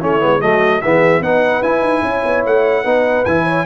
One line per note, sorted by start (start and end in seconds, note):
0.00 0.23 A3
0.00 0.20 C#4
0.00 0.41 E4
0.00 0.41 C#5
0.20 0.42 G#3
0.20 0.40 B3
0.41 0.82 F#3
0.41 0.82 A3
0.41 0.82 F#4
0.41 0.82 D#5
0.82 1.20 E3
0.82 1.23 B3
0.82 1.21 G#4
0.82 1.22 E5
1.20 1.61 B3
1.20 1.63 D#4
1.20 2.03 B4
1.20 1.63 F#5
1.62 1.81 E4
1.62 2.85 E4
1.62 2.44 G#5
1.81 2.02 D#4
2.02 2.23 C#4
2.02 2.84 C#5
2.25 2.45 B3
2.45 2.85 A3
2.45 3.25 F#5
2.84 3.25 B3
2.84 3.25 D#4
2.84 3.44 B4
3.25 3.66 E3
3.25 3.66 E4
3.25 3.66 G#5
3.44 3.65 C#5